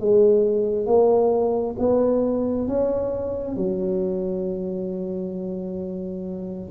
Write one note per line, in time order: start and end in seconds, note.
0.00 0.86 G#3
0.86 1.76 A#3
1.79 2.68 B3
2.68 3.56 C#4
3.56 6.70 F#3